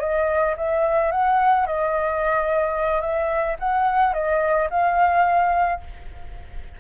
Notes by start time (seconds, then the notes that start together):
0.00 D#5
0.57 E5
1.12 F#5
1.66 D#5
3.01 E5
3.60 F#5
4.14 D#5
4.70 F5